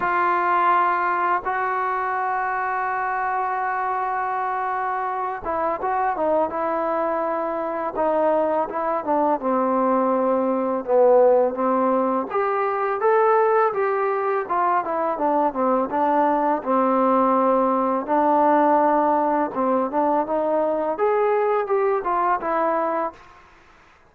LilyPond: \new Staff \with { instrumentName = "trombone" } { \time 4/4 \tempo 4 = 83 f'2 fis'2~ | fis'2.~ fis'8 e'8 | fis'8 dis'8 e'2 dis'4 | e'8 d'8 c'2 b4 |
c'4 g'4 a'4 g'4 | f'8 e'8 d'8 c'8 d'4 c'4~ | c'4 d'2 c'8 d'8 | dis'4 gis'4 g'8 f'8 e'4 | }